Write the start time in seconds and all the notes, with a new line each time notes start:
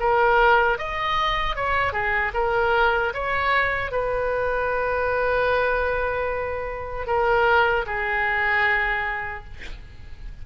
0.00 A#4
0.79 D#5
1.56 C#5
1.93 G#4
2.34 A#4
3.14 C#5
3.92 B4
7.07 A#4
7.86 G#4